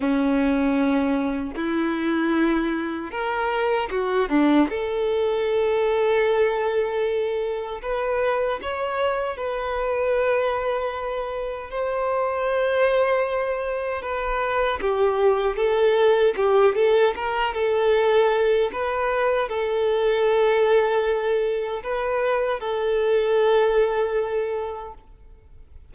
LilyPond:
\new Staff \with { instrumentName = "violin" } { \time 4/4 \tempo 4 = 77 cis'2 e'2 | ais'4 fis'8 d'8 a'2~ | a'2 b'4 cis''4 | b'2. c''4~ |
c''2 b'4 g'4 | a'4 g'8 a'8 ais'8 a'4. | b'4 a'2. | b'4 a'2. | }